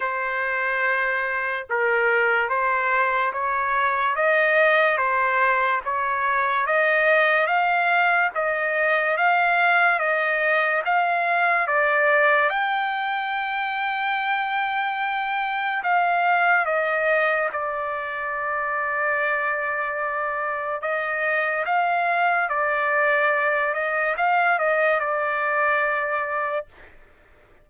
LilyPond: \new Staff \with { instrumentName = "trumpet" } { \time 4/4 \tempo 4 = 72 c''2 ais'4 c''4 | cis''4 dis''4 c''4 cis''4 | dis''4 f''4 dis''4 f''4 | dis''4 f''4 d''4 g''4~ |
g''2. f''4 | dis''4 d''2.~ | d''4 dis''4 f''4 d''4~ | d''8 dis''8 f''8 dis''8 d''2 | }